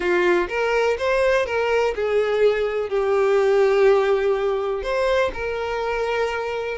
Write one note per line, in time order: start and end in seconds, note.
0.00 0.48 F4
0.48 0.97 A#4
0.98 1.46 C5
1.46 1.94 A#4
1.95 2.89 G#4
2.89 4.82 G4
4.82 5.31 C5
5.33 6.77 A#4